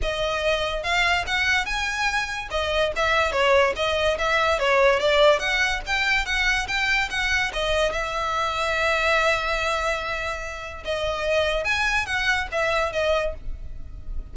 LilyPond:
\new Staff \with { instrumentName = "violin" } { \time 4/4 \tempo 4 = 144 dis''2 f''4 fis''4 | gis''2 dis''4 e''4 | cis''4 dis''4 e''4 cis''4 | d''4 fis''4 g''4 fis''4 |
g''4 fis''4 dis''4 e''4~ | e''1~ | e''2 dis''2 | gis''4 fis''4 e''4 dis''4 | }